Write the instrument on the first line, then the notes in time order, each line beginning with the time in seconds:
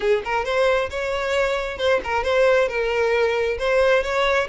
violin
0.00 G#4
0.24 A#4
0.45 C5
0.90 C#5
1.77 C5
2.04 A#4
2.23 C5
2.68 A#4
3.58 C5
4.03 C#5